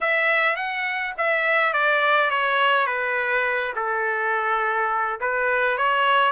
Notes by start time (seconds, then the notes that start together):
0.01 E5
0.56 F#5
1.17 E5
1.73 D5
2.30 C#5
2.86 B4
3.75 A4
5.20 B4
5.77 C#5